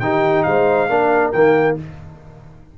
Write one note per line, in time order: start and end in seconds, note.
0.00 0.44 D#3
0.00 0.90 D#4
0.00 0.46 G4
0.00 0.43 G5
0.43 0.89 G#3
0.43 0.90 C5
0.43 1.31 F5
0.89 1.33 A#3
0.89 1.34 D4
0.89 1.78 A#4
1.32 1.78 D#3
1.32 1.78 A#3
1.32 1.76 G5